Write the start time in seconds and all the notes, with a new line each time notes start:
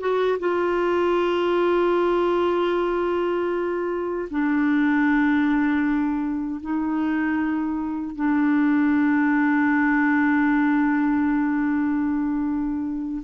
0.00 F#4
0.40 F4
4.31 D4
6.61 D#4
8.16 D4